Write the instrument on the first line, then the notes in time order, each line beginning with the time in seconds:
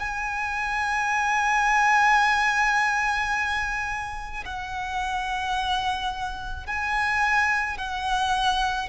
violin
0.00 G#5
4.45 F#5
6.67 G#5
7.78 F#5